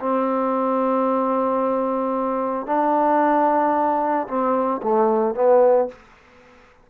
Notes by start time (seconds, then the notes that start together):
0.00 C4
2.67 D4
4.28 C4
4.83 A3
5.35 B3